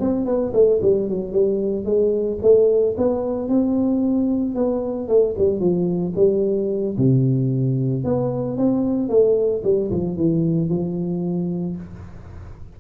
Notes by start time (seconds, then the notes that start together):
0.00 C4
0.26 B3
0.54 A3
0.82 G3
1.09 F#3
1.32 G3
1.85 G#3
2.42 A3
2.98 B3
3.49 C4
4.55 B3
5.08 A3
5.38 G3
5.60 F3
6.16 G3
6.97 C3
8.04 B3
8.58 C4
9.09 A3
9.64 G3
9.91 F3
10.16 E3
10.69 F3